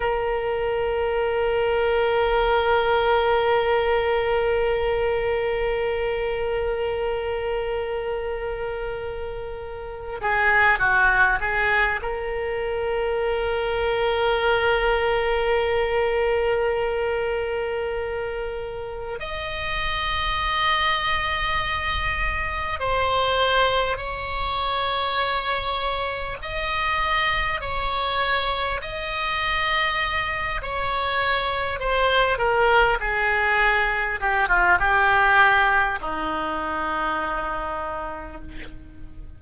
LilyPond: \new Staff \with { instrumentName = "oboe" } { \time 4/4 \tempo 4 = 50 ais'1~ | ais'1~ | ais'8 gis'8 fis'8 gis'8 ais'2~ | ais'1 |
dis''2. c''4 | cis''2 dis''4 cis''4 | dis''4. cis''4 c''8 ais'8 gis'8~ | gis'8 g'16 f'16 g'4 dis'2 | }